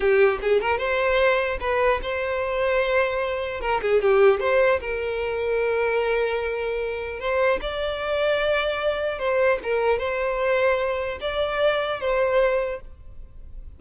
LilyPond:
\new Staff \with { instrumentName = "violin" } { \time 4/4 \tempo 4 = 150 g'4 gis'8 ais'8 c''2 | b'4 c''2.~ | c''4 ais'8 gis'8 g'4 c''4 | ais'1~ |
ais'2 c''4 d''4~ | d''2. c''4 | ais'4 c''2. | d''2 c''2 | }